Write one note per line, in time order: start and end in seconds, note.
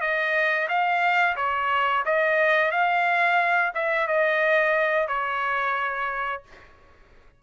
0.00 0.67 D#5
0.68 1.35 F5
1.36 2.03 C#5
2.05 2.71 D#5
2.71 3.72 F5
3.74 4.07 E5
4.07 5.07 D#5
5.07 6.42 C#5